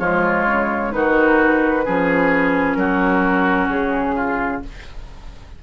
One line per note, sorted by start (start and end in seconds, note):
0.00 0.46 F3
0.00 0.92 G#3
0.00 0.92 F4
0.00 0.92 C#5
0.46 0.92 C#3
0.92 1.86 D#3
0.92 1.84 D#4
0.92 1.85 F#4
0.92 2.75 B4
1.85 2.76 F3
1.85 4.63 C#4
1.85 2.77 G#4
2.75 3.68 F#3
2.75 4.16 F#4
2.75 3.67 A#4
3.69 4.61 C#3
3.69 4.62 G#4
4.16 4.62 F4